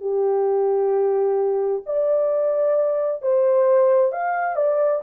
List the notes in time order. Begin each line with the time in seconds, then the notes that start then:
0.00 G4
1.86 D5
3.21 C5
4.12 F5
4.56 D5